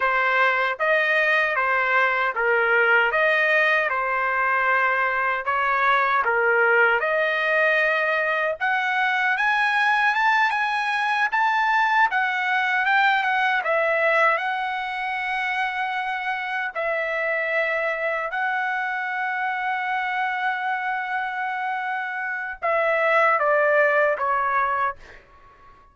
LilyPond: \new Staff \with { instrumentName = "trumpet" } { \time 4/4 \tempo 4 = 77 c''4 dis''4 c''4 ais'4 | dis''4 c''2 cis''4 | ais'4 dis''2 fis''4 | gis''4 a''8 gis''4 a''4 fis''8~ |
fis''8 g''8 fis''8 e''4 fis''4.~ | fis''4. e''2 fis''8~ | fis''1~ | fis''4 e''4 d''4 cis''4 | }